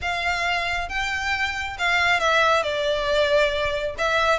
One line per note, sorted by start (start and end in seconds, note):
0.01 0.88 F5
0.88 1.77 G5
1.78 2.20 F5
2.20 2.62 E5
2.62 3.95 D5
3.98 4.39 E5